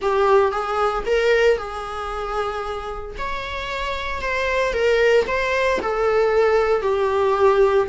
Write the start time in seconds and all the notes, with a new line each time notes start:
0.01 G4
0.51 G#4
1.06 A#4
1.57 G#4
3.17 C#5
4.21 C5
4.73 A#4
5.27 C5
5.82 A4
6.82 G4